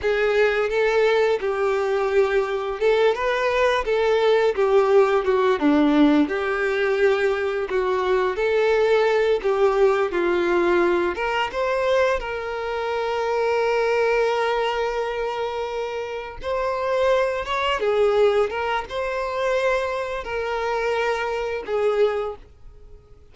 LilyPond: \new Staff \with { instrumentName = "violin" } { \time 4/4 \tempo 4 = 86 gis'4 a'4 g'2 | a'8 b'4 a'4 g'4 fis'8 | d'4 g'2 fis'4 | a'4. g'4 f'4. |
ais'8 c''4 ais'2~ ais'8~ | ais'2.~ ais'8 c''8~ | c''4 cis''8 gis'4 ais'8 c''4~ | c''4 ais'2 gis'4 | }